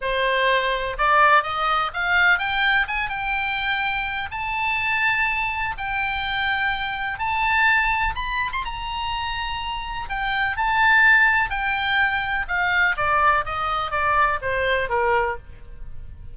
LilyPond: \new Staff \with { instrumentName = "oboe" } { \time 4/4 \tempo 4 = 125 c''2 d''4 dis''4 | f''4 g''4 gis''8 g''4.~ | g''4 a''2. | g''2. a''4~ |
a''4 b''8. c'''16 ais''2~ | ais''4 g''4 a''2 | g''2 f''4 d''4 | dis''4 d''4 c''4 ais'4 | }